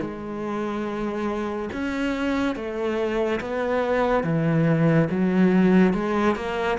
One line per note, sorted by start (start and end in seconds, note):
0.00 1.69 G#3
1.72 2.55 C#4
2.55 3.40 A3
3.40 4.24 B3
4.24 5.08 E3
5.10 5.93 F#3
5.93 6.36 G#3
6.36 6.78 A#3